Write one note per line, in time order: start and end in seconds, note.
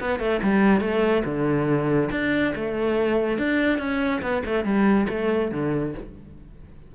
0.00 0.19 B3
0.19 0.40 A3
0.43 0.80 G3
0.80 1.23 A3
1.25 2.10 D3
2.11 2.54 D4
2.55 3.38 A3
3.38 3.79 D4
3.79 4.21 C#4
4.22 4.43 B3
4.45 4.64 A3
4.64 5.07 G3
5.09 5.51 A3
5.51 5.94 D3